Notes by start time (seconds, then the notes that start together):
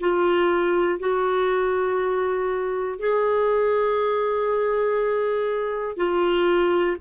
0.00 F4
0.99 F#4
2.99 G#4
5.96 F4